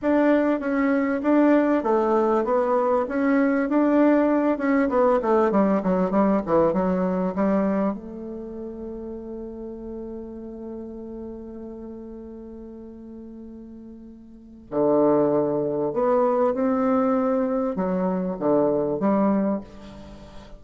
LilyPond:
\new Staff \with { instrumentName = "bassoon" } { \time 4/4 \tempo 4 = 98 d'4 cis'4 d'4 a4 | b4 cis'4 d'4. cis'8 | b8 a8 g8 fis8 g8 e8 fis4 | g4 a2.~ |
a1~ | a1 | d2 b4 c'4~ | c'4 fis4 d4 g4 | }